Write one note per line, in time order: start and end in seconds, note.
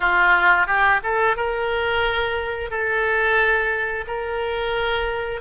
0.00 0.66 F4
0.66 1.00 G4
1.03 1.36 A4
1.36 2.70 A#4
2.70 4.05 A4
4.07 5.41 A#4